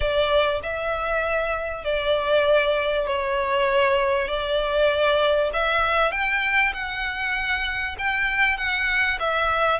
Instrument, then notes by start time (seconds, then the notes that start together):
violin
0.00 D5
0.62 E5
1.84 D5
3.06 C#5
4.27 D5
5.53 E5
6.11 G5
6.73 F#5
7.98 G5
8.57 F#5
9.19 E5